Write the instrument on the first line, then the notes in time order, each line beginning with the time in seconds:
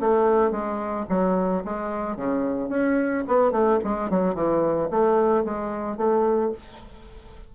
bassoon
0.00 A3
0.51 G#3
1.09 F#3
1.65 G#3
2.16 C#3
2.70 C#4
3.28 B3
3.52 A3
3.84 G#3
4.10 F#3
4.35 E3
4.91 A3
5.44 G#3
5.98 A3